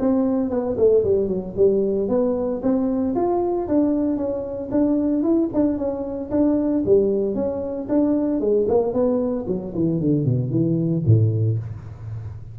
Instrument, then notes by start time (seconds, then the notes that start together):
tuba
0.00 C4
0.50 B3
0.78 A3
1.05 G3
1.28 F#3
1.57 G3
2.09 B3
2.63 C4
3.15 F4
3.68 D4
4.17 C#4
4.72 D4
5.23 E4
5.54 D4
5.78 C#4
6.31 D4
6.86 G3
7.35 C#4
7.89 D4
8.41 G#3
8.68 A#3
8.94 B3
9.48 F#3
9.75 E3
10.00 D3
10.25 B2
10.50 E3
11.06 A2